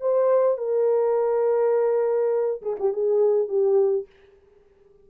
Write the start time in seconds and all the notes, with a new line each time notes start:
0.00 C5
0.57 A#4
2.62 G#4
2.80 G4
2.93 G#4
3.48 G4